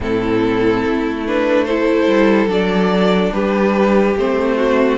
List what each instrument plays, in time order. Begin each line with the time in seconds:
0.00 cello A2, viola C4, violin E4 A4
0.85 cello A3
1.26 viola D4, violin B4
1.64 viola E4, violin A4 C5
2.07 cello G3
2.46 cello F#3, viola D4, violin D5
3.32 cello G3, violin G4 B4
4.16 cello A3, viola C4, violin C5
4.57 violin F#4